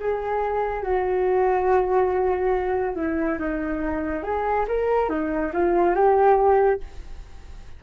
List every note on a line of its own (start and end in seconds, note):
0.00 0.83 G#4
0.83 2.95 F#4
2.95 3.38 E4
3.39 4.23 D#4
4.23 4.66 G#4
4.68 5.10 A#4
5.10 5.52 D#4
5.54 5.95 F4
5.95 6.81 G4